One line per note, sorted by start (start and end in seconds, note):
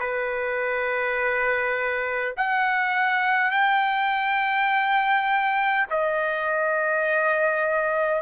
0.00 2.35 B4
2.37 3.51 F#5
3.51 5.87 G5
5.90 8.22 D#5